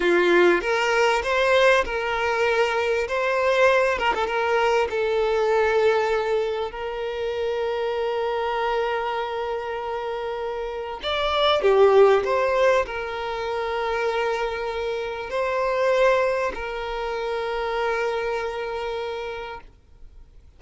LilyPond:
\new Staff \with { instrumentName = "violin" } { \time 4/4 \tempo 4 = 98 f'4 ais'4 c''4 ais'4~ | ais'4 c''4. ais'16 a'16 ais'4 | a'2. ais'4~ | ais'1~ |
ais'2 d''4 g'4 | c''4 ais'2.~ | ais'4 c''2 ais'4~ | ais'1 | }